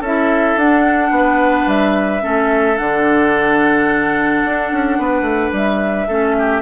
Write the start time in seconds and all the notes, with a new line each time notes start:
0.00 C#4 E4 A4 E5
0.56 D4 F#5
1.10 B3 B4
1.66 G3 E5
2.20 A3 C#4 A4
2.77 D3 D4 F#5
4.44 D4
4.72 C#4
4.98 B3 B4
5.21 A3
5.52 G3 E5
6.08 A3 C#4 A4
6.38 G4